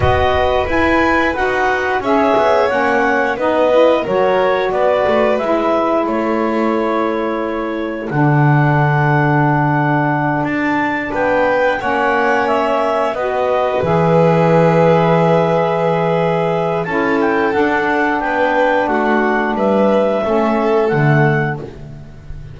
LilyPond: <<
  \new Staff \with { instrumentName = "clarinet" } { \time 4/4 \tempo 4 = 89 dis''4 gis''4 fis''4 e''4 | fis''4 dis''4 cis''4 d''4 | e''4 cis''2. | fis''2.~ fis''8 a''8~ |
a''8 g''4 fis''4 e''4 dis''8~ | dis''8 e''2.~ e''8~ | e''4 a''8 g''8 fis''4 g''4 | fis''4 e''2 fis''4 | }
  \new Staff \with { instrumentName = "violin" } { \time 4/4 b'2. cis''4~ | cis''4 b'4 ais'4 b'4~ | b'4 a'2.~ | a'1~ |
a'8 b'4 cis''2 b'8~ | b'1~ | b'4 a'2 b'4 | fis'4 b'4 a'2 | }
  \new Staff \with { instrumentName = "saxophone" } { \time 4/4 fis'4 e'4 fis'4 gis'4 | cis'4 dis'8 e'8 fis'2 | e'1 | d'1~ |
d'4. cis'2 fis'8~ | fis'8 gis'2.~ gis'8~ | gis'4 e'4 d'2~ | d'2 cis'4 a4 | }
  \new Staff \with { instrumentName = "double bass" } { \time 4/4 b4 e'4 dis'4 cis'8 b8 | ais4 b4 fis4 b8 a8 | gis4 a2. | d2.~ d8 d'8~ |
d'8 b4 ais2 b8~ | b8 e2.~ e8~ | e4 cis'4 d'4 b4 | a4 g4 a4 d4 | }
>>